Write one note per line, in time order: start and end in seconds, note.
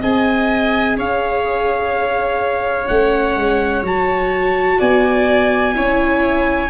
0.00 0.96 C4
0.00 2.86 G#4
0.00 0.97 D#5
0.00 0.98 G#5
0.96 2.87 C#4
0.96 4.78 C#5
0.96 2.88 F5
2.88 3.37 A3
2.88 3.84 C#4
2.88 3.83 F#5
3.37 3.83 G#3
3.83 4.78 F#3
3.83 5.74 F#4
3.83 4.81 A5
4.79 5.76 B3
4.79 5.74 D5
4.79 6.70 G#5
5.74 6.70 C#4
5.74 6.70 E4
5.74 6.70 C#5